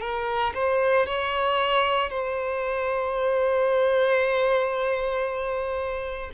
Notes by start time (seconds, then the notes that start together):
0.00 A#4
0.54 C5
1.06 C#5
2.10 C5